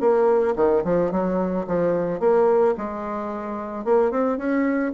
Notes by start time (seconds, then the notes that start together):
0.00 A#3
0.56 D#3
0.84 F3
1.11 F#3
1.67 F3
2.20 A#3
2.77 G#3
3.84 A#3
4.11 C4
4.38 C#4